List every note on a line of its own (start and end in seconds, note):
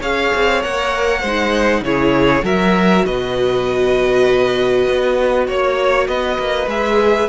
0.00 0.33 C#4
0.00 0.62 G#4
0.00 1.21 C#5
0.00 0.63 F5
0.35 0.64 C4
0.62 1.23 A#3
0.62 1.23 A#4
0.62 1.84 F#5
1.21 1.81 G#3
1.21 1.85 D#4
1.21 1.82 C5
1.81 2.42 C#3
1.81 2.43 E4
1.81 2.45 G#4
1.81 2.45 C#5
2.43 3.04 F#3
2.43 6.68 F#4
2.43 3.05 A#4
2.43 3.06 E5
3.06 4.88 B2
3.06 5.47 B4
3.06 5.48 D#5
4.89 5.48 B3
5.47 6.08 A#3
5.47 6.08 C#5
6.08 6.38 B3
6.08 7.29 B4
6.08 6.68 D#5
6.39 6.67 A#3
6.67 7.28 G#3
6.67 7.29 G#4
6.67 7.29 E5